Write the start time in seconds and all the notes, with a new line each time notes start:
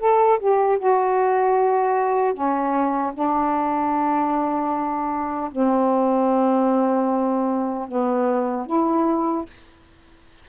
0.00 A4
0.40 G4
0.79 F#4
2.34 C#4
3.14 D4
5.52 C4
7.89 B3
8.67 E4